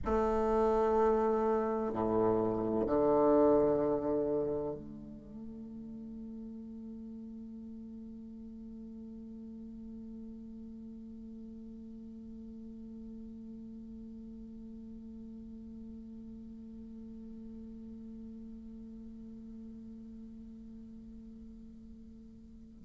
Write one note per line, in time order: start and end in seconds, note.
0.04 1.92 A3
1.92 2.86 A2
2.86 4.74 D3
4.74 22.84 A3